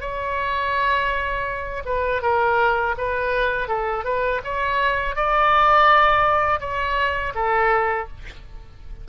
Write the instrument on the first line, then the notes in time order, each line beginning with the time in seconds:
oboe
0.00 C#5
1.85 B4
2.22 A#4
2.97 B4
3.68 A4
4.04 B4
4.44 C#5
5.15 D5
6.60 C#5
7.35 A4